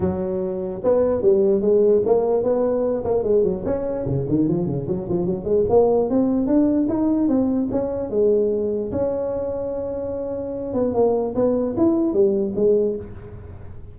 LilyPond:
\new Staff \with { instrumentName = "tuba" } { \time 4/4 \tempo 4 = 148 fis2 b4 g4 | gis4 ais4 b4. ais8 | gis8 fis8 cis'4 cis8 dis8 f8 cis8 | fis8 f8 fis8 gis8 ais4 c'4 |
d'4 dis'4 c'4 cis'4 | gis2 cis'2~ | cis'2~ cis'8 b8 ais4 | b4 e'4 g4 gis4 | }